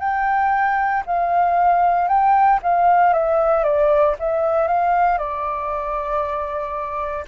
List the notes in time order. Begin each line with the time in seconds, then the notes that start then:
0.00 G5
1.06 F5
2.08 G5
2.63 F5
3.14 E5
3.64 D5
4.19 E5
4.68 F5
5.18 D5